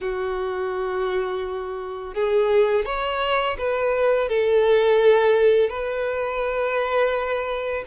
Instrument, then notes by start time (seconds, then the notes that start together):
violin
0.00 F#4
2.14 G#4
2.85 C#5
3.57 B4
4.29 A4
5.69 B4